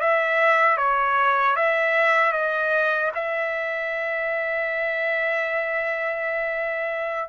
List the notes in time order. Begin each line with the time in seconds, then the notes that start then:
0.00 E5
0.77 C#5
1.56 E5
2.33 D#5
3.15 E5